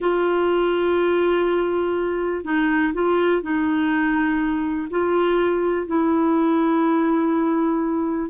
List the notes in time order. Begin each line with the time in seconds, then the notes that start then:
0.00 F4
2.44 D#4
2.93 F4
3.41 D#4
4.90 F4
5.87 E4